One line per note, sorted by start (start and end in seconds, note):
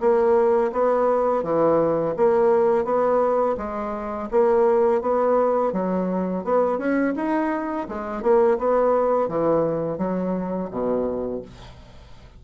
0.00 0.71 A#3
0.72 1.43 B3
1.43 2.14 E3
2.16 2.84 A#3
2.84 3.56 B3
3.57 4.29 G#3
4.31 5.01 A#3
5.01 5.72 B3
5.72 6.44 F#3
6.44 6.78 B3
6.78 7.14 C#4
7.16 7.87 D#4
7.88 8.22 G#3
8.22 8.58 A#3
8.58 9.28 B3
9.28 9.98 E3
9.98 10.69 F#3
10.70 11.42 B2